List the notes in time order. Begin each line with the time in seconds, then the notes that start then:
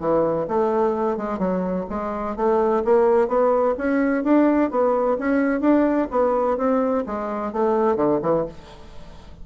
0.00 E3
0.48 A3
1.17 G#3
1.39 F#3
1.89 G#3
2.36 A3
2.85 A#3
3.28 B3
3.78 C#4
4.24 D4
4.70 B3
5.19 C#4
5.61 D4
6.11 B3
6.58 C4
7.06 G#3
7.53 A3
7.96 D3
8.22 E3